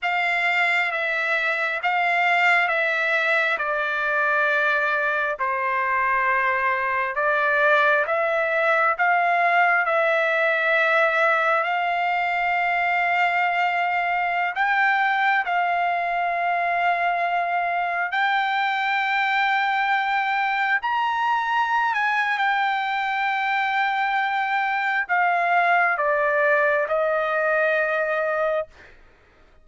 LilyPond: \new Staff \with { instrumentName = "trumpet" } { \time 4/4 \tempo 4 = 67 f''4 e''4 f''4 e''4 | d''2 c''2 | d''4 e''4 f''4 e''4~ | e''4 f''2.~ |
f''16 g''4 f''2~ f''8.~ | f''16 g''2. ais''8.~ | ais''8 gis''8 g''2. | f''4 d''4 dis''2 | }